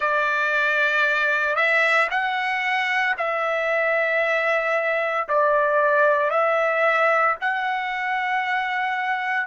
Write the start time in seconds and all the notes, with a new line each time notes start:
0.00 D5
1.55 E5
2.10 F#5
3.17 E5
5.28 D5
6.30 E5
7.41 F#5